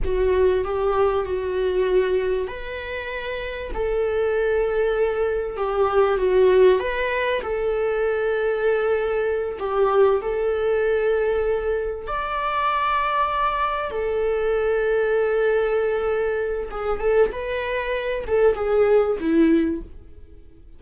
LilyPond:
\new Staff \with { instrumentName = "viola" } { \time 4/4 \tempo 4 = 97 fis'4 g'4 fis'2 | b'2 a'2~ | a'4 g'4 fis'4 b'4 | a'2.~ a'8 g'8~ |
g'8 a'2. d''8~ | d''2~ d''8 a'4.~ | a'2. gis'8 a'8 | b'4. a'8 gis'4 e'4 | }